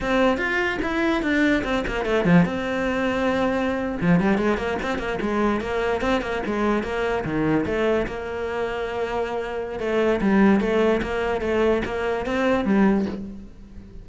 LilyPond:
\new Staff \with { instrumentName = "cello" } { \time 4/4 \tempo 4 = 147 c'4 f'4 e'4 d'4 | c'8 ais8 a8 f8 c'2~ | c'4.~ c'16 f8 g8 gis8 ais8 c'16~ | c'16 ais8 gis4 ais4 c'8 ais8 gis16~ |
gis8. ais4 dis4 a4 ais16~ | ais1 | a4 g4 a4 ais4 | a4 ais4 c'4 g4 | }